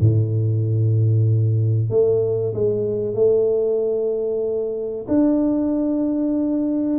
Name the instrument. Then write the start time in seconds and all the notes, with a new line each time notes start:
tuba
0.00 A2
1.90 A3
2.54 G#3
3.15 A3
5.08 D4